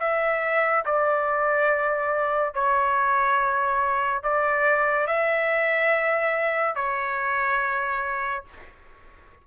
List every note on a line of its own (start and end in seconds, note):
0.00 0.85 E5
0.85 2.54 D5
2.54 4.23 C#5
4.23 5.07 D5
5.07 6.75 E5
6.75 8.44 C#5